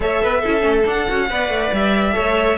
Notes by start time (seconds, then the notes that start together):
0.00 A3 A4 C#5 E5
0.22 B3 B4
0.40 E4 A4
0.47 C#4
0.60 A3 C#4
0.85 D4 F#5
1.07 C#4 F#4
1.29 B3 B4 D5
1.49 A3
1.72 G3 E5
2.12 A3 A4 C#5